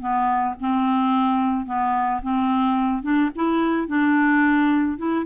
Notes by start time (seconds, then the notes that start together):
0.00 B3
0.61 C4
1.66 B3
2.22 C4
3.03 D4
3.36 E4
3.88 D4
4.98 E4